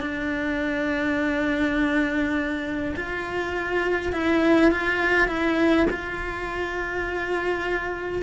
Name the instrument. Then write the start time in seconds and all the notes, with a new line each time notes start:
cello
0.00 D4
2.96 F4
4.12 E4
4.71 F4
5.27 E4
5.90 F4